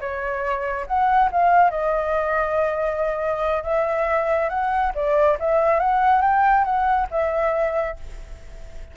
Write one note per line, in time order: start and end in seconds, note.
0.00 0.86 C#5
0.86 1.29 F#5
1.31 1.70 F5
1.70 3.63 D#5
3.63 4.49 E5
4.49 4.92 F#5
4.95 5.37 D5
5.39 5.79 E5
5.79 6.21 F#5
6.21 6.64 G5
6.64 7.07 F#5
7.10 7.96 E5